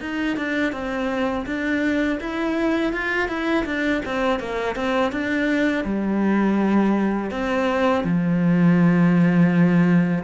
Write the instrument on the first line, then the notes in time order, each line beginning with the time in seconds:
cello
0.00 D#4
0.36 D4
0.72 C4
1.45 D4
2.20 E4
2.92 F4
3.28 E4
3.65 D4
4.05 C4
4.39 A#3
4.75 C4
5.12 D4
5.84 G3
7.30 C4
8.04 F3